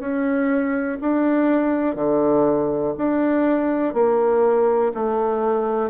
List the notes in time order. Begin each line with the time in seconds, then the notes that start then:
0.00 C#4
1.01 D4
1.95 D3
2.97 D4
3.94 A#3
4.94 A3